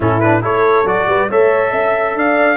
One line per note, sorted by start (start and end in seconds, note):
0.00 0.43 A2
0.00 0.21 C#4
0.00 0.43 E4
0.00 0.20 A4
0.20 0.42 D4
0.20 0.41 B4
0.42 0.84 A3
0.42 0.85 E4
0.42 1.08 A4
0.42 0.87 C#5
0.84 1.05 F#3
0.84 1.29 F#4
0.84 1.30 D5
1.06 1.28 G3
1.06 1.29 B4
1.29 1.72 A3
1.29 2.57 A4
1.29 1.71 C#5
1.29 2.18 E5
1.71 2.14 C#4
1.71 2.14 E5
2.14 2.57 D4
2.14 2.57 D5
2.14 2.57 F5